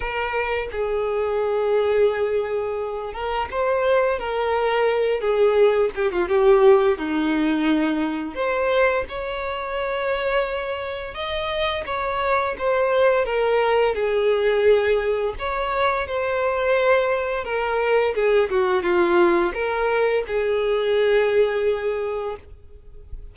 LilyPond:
\new Staff \with { instrumentName = "violin" } { \time 4/4 \tempo 4 = 86 ais'4 gis'2.~ | gis'8 ais'8 c''4 ais'4. gis'8~ | gis'8 g'16 f'16 g'4 dis'2 | c''4 cis''2. |
dis''4 cis''4 c''4 ais'4 | gis'2 cis''4 c''4~ | c''4 ais'4 gis'8 fis'8 f'4 | ais'4 gis'2. | }